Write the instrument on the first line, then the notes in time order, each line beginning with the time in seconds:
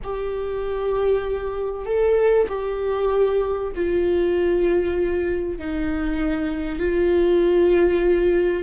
viola
0.03 G4
1.85 A4
2.48 G4
3.75 F4
5.58 D#4
6.79 F4